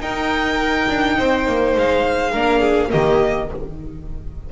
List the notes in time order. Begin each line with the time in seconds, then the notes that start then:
0.00 D#4 A#4 G5
0.89 D4
1.19 C4 C5
1.48 A#3
1.76 G#3 F5
2.32 A#3 D4 A#4
2.61 G#4
2.90 D#3 A#3 G4 D#5